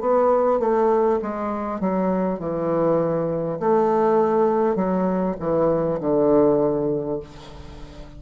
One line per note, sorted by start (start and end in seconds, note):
0.00 0.59 B3
0.59 1.19 A3
1.22 1.80 G#3
1.80 2.39 F#3
2.39 3.59 E3
3.59 4.75 A3
4.75 5.35 F#3
5.39 5.99 E3
6.00 7.20 D3